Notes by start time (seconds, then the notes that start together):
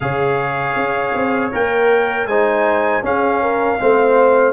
0.00 C#3 G#4 C#5 F5
0.75 C#4
1.14 C4
1.52 A#3 A#4 G5
2.26 G#3 D#4 C5 G#5
3.02 C#4 G#4 F5
3.41 A#4
3.79 A3 C4 C5